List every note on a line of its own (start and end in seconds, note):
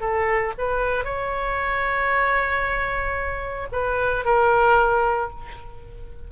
0.00 0.53 A4
0.58 1.04 B4
1.04 3.67 C#5
3.72 4.24 B4
4.25 5.30 A#4